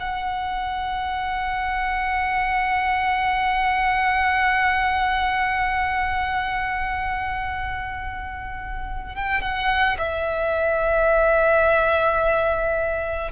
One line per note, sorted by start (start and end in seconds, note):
0.00 9.15 F#5
9.15 9.41 G5
9.41 9.97 F#5
9.98 13.31 E5